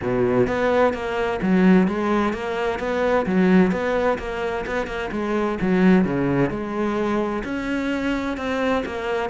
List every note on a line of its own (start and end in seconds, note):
0.01 0.47 B2
0.47 0.93 B3
0.93 1.40 A#3
1.42 1.87 F#3
1.87 2.33 G#3
2.33 2.79 A#3
2.79 3.25 B3
3.26 3.71 F#3
3.71 4.18 B3
4.18 4.65 A#3
4.66 4.86 B3
4.86 5.10 A#3
5.11 5.58 G#3
5.61 6.05 F#3
6.05 6.50 C#3
6.50 7.43 G#3
7.44 8.37 C#4
8.37 8.83 C4
8.85 9.29 A#3